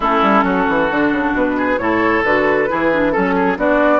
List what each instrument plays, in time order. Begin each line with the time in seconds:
0.00 bassoon A3, clarinet C#4, oboe E4, flute A4
0.22 bassoon G3
0.43 bassoon F#3, oboe F#4
0.68 bassoon E3
0.90 bassoon D3, clarinet D4
1.12 bassoon C#3
1.33 bassoon B2, flute B4
1.57 oboe G#4
1.78 bassoon A2, clarinet E4, oboe A4, flute C#5
2.24 bassoon D3, clarinet F#4, flute B4
2.68 bassoon E3, clarinet E4, oboe G#4
2.92 clarinet D4
3.11 bassoon F#3, clarinet C#4, flute A4, oboe A4
3.35 oboe G#4
3.56 bassoon B3, clarinet D4, oboe F#4, flute D5